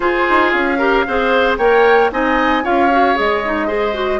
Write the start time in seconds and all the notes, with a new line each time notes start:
0.00 F4 G#4 C5
0.29 D#4
0.50 C#4 F5
0.78 G4 A#4
1.07 C4 G#4 C5
1.58 A#3 A#4 C#5 G5
2.12 C4 D#4 D#5 G#5
2.63 C#4 F4 C#5 F5
2.91 F#4
3.14 G#3 G#4 D#5
3.45 D#4
3.67 G#4 C5
3.94 F#4